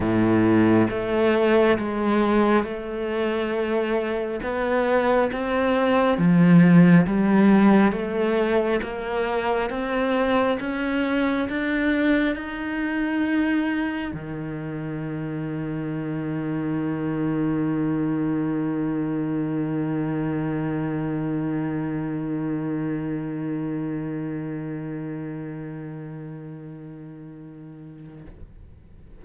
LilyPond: \new Staff \with { instrumentName = "cello" } { \time 4/4 \tempo 4 = 68 a,4 a4 gis4 a4~ | a4 b4 c'4 f4 | g4 a4 ais4 c'4 | cis'4 d'4 dis'2 |
dis1~ | dis1~ | dis1~ | dis1 | }